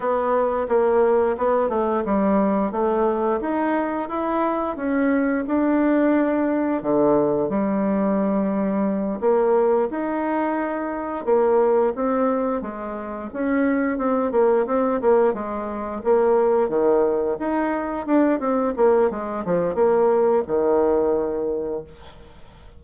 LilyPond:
\new Staff \with { instrumentName = "bassoon" } { \time 4/4 \tempo 4 = 88 b4 ais4 b8 a8 g4 | a4 dis'4 e'4 cis'4 | d'2 d4 g4~ | g4. ais4 dis'4.~ |
dis'8 ais4 c'4 gis4 cis'8~ | cis'8 c'8 ais8 c'8 ais8 gis4 ais8~ | ais8 dis4 dis'4 d'8 c'8 ais8 | gis8 f8 ais4 dis2 | }